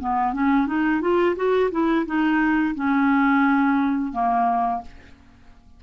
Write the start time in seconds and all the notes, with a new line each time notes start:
0.00 B3
0.34 C#4
0.67 D#4
1.02 F4
1.36 F#4
1.71 E4
2.06 D#4
2.75 C#4
4.13 A#3